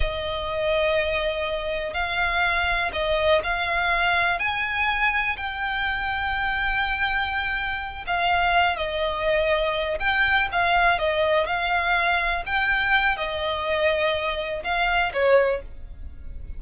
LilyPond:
\new Staff \with { instrumentName = "violin" } { \time 4/4 \tempo 4 = 123 dis''1 | f''2 dis''4 f''4~ | f''4 gis''2 g''4~ | g''1~ |
g''8 f''4. dis''2~ | dis''8 g''4 f''4 dis''4 f''8~ | f''4. g''4. dis''4~ | dis''2 f''4 cis''4 | }